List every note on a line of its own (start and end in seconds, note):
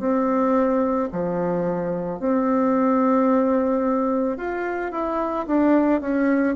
0.00 1.09 C4
1.12 2.20 F3
2.20 4.38 C4
4.38 4.92 F4
4.92 5.46 E4
5.47 6.01 D4
6.01 6.56 C#4